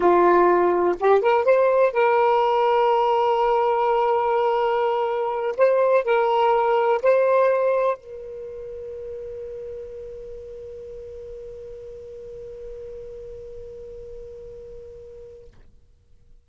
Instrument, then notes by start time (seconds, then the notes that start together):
saxophone
0.00 F4
1.00 G4
1.21 A#4
1.44 C5
1.92 A#4
5.57 C5
6.04 A#4
7.02 C5
7.97 A#4